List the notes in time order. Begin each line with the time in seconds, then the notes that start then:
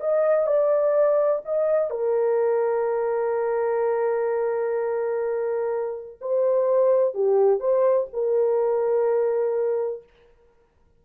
0.00 D#5
0.46 D5
1.45 D#5
1.90 A#4
6.21 C5
7.14 G4
7.59 C5
8.13 A#4